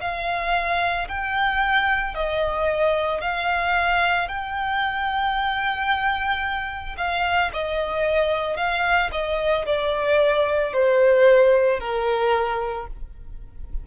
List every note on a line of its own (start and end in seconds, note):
0.00 1.07 F5
1.08 2.14 G5
2.14 3.21 D#5
3.21 4.28 F5
4.28 6.96 G5
6.97 7.51 F5
7.53 8.57 D#5
8.57 9.10 F5
9.11 9.65 D#5
9.66 10.73 D5
10.73 11.80 C5
11.80 12.87 A#4